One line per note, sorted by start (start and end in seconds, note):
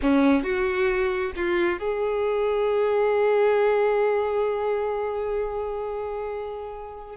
0.01 0.43 C#4
0.43 1.32 F#4
1.36 1.79 F4
1.79 7.16 G#4